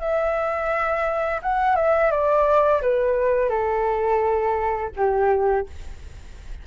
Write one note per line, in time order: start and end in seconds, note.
0.00 1.41 E5
1.43 1.76 F#5
1.76 2.11 E5
2.11 2.82 D5
2.82 3.50 B4
3.50 4.91 A4
4.97 5.67 G4